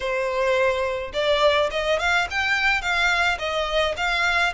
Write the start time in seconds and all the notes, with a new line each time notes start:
0.00 C5
1.13 D5
1.71 D#5
1.99 F5
2.30 G5
2.81 F5
3.38 D#5
3.96 F5